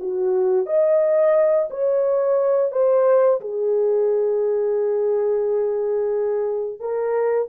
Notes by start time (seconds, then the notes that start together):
0.00 F#4
0.66 D#5
1.70 C#5
2.72 C5
3.40 G#4
6.80 A#4